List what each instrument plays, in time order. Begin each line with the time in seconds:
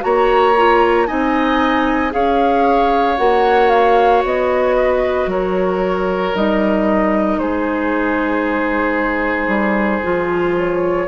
0.00 bassoon A#3, clarinet F#4, oboe C#5, flute A#5
0.57 clarinet F4
1.06 bassoon C4, clarinet D#4, oboe D#5, flute G#5
2.10 bassoon C#4, clarinet G#4, oboe C#5, flute F5
3.17 bassoon A#3, clarinet F#4, flute F#5
3.70 flute F5
4.23 bassoon B3, flute D#5
4.76 oboe B4
5.26 bassoon F#3, oboe A#4, flute C#5
6.35 bassoon G3, clarinet D#4, flute D#5
7.37 bassoon G#3, oboe G#4, flute C5
9.47 bassoon G3
10.03 bassoon F3, clarinet F4
10.57 flute C#5